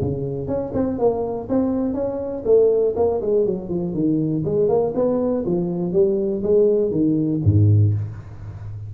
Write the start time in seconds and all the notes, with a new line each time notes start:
0.00 C#3
0.47 C#4
0.73 C4
0.98 A#3
1.49 C4
1.94 C#4
2.45 A3
2.96 A#3
3.21 G#3
3.46 F#3
3.69 F3
3.93 D#3
4.45 G#3
4.68 A#3
4.95 B3
5.45 F3
5.92 G3
6.43 G#3
6.91 D#3
7.44 G#2